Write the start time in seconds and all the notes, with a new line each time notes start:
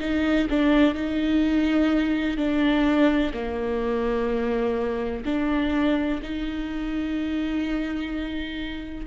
0.00 D#4
0.49 D4
0.94 D#4
2.37 D4
3.33 A#3
5.25 D4
6.22 D#4